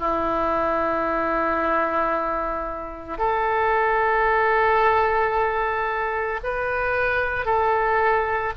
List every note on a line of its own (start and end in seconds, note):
0.00 3.19 E4
3.19 6.40 A4
6.44 7.46 B4
7.46 8.53 A4